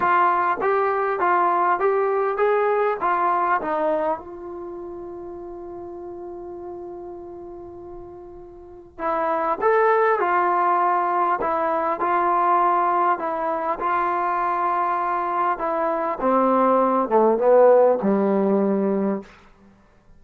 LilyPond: \new Staff \with { instrumentName = "trombone" } { \time 4/4 \tempo 4 = 100 f'4 g'4 f'4 g'4 | gis'4 f'4 dis'4 f'4~ | f'1~ | f'2. e'4 |
a'4 f'2 e'4 | f'2 e'4 f'4~ | f'2 e'4 c'4~ | c'8 a8 b4 g2 | }